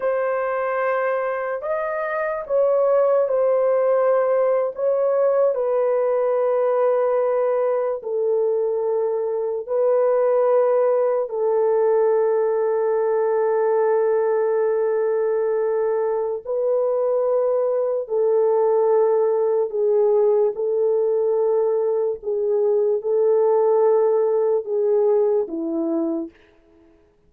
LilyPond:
\new Staff \with { instrumentName = "horn" } { \time 4/4 \tempo 4 = 73 c''2 dis''4 cis''4 | c''4.~ c''16 cis''4 b'4~ b'16~ | b'4.~ b'16 a'2 b'16~ | b'4.~ b'16 a'2~ a'16~ |
a'1 | b'2 a'2 | gis'4 a'2 gis'4 | a'2 gis'4 e'4 | }